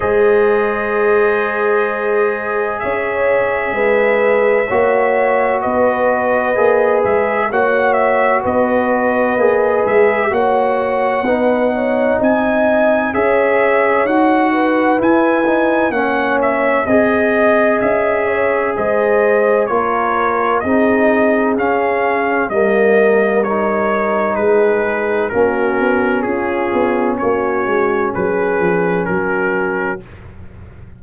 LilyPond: <<
  \new Staff \with { instrumentName = "trumpet" } { \time 4/4 \tempo 4 = 64 dis''2. e''4~ | e''2 dis''4. e''8 | fis''8 e''8 dis''4. e''8 fis''4~ | fis''4 gis''4 e''4 fis''4 |
gis''4 fis''8 e''8 dis''4 e''4 | dis''4 cis''4 dis''4 f''4 | dis''4 cis''4 b'4 ais'4 | gis'4 cis''4 b'4 ais'4 | }
  \new Staff \with { instrumentName = "horn" } { \time 4/4 c''2. cis''4 | b'4 cis''4 b'2 | cis''4 b'2 cis''4 | b'8 cis''8 dis''4 cis''4. b'8~ |
b'4 cis''4 dis''4. cis''8 | c''4 ais'4 gis'2 | ais'2 gis'4 fis'4 | f'4 fis'4 gis'4 fis'4 | }
  \new Staff \with { instrumentName = "trombone" } { \time 4/4 gis'1~ | gis'4 fis'2 gis'4 | fis'2 gis'4 fis'4 | dis'2 gis'4 fis'4 |
e'8 dis'8 cis'4 gis'2~ | gis'4 f'4 dis'4 cis'4 | ais4 dis'2 cis'4~ | cis'1 | }
  \new Staff \with { instrumentName = "tuba" } { \time 4/4 gis2. cis'4 | gis4 ais4 b4 ais8 gis8 | ais4 b4 ais8 gis8 ais4 | b4 c'4 cis'4 dis'4 |
e'4 ais4 c'4 cis'4 | gis4 ais4 c'4 cis'4 | g2 gis4 ais8 b8 | cis'8 b8 ais8 gis8 fis8 f8 fis4 | }
>>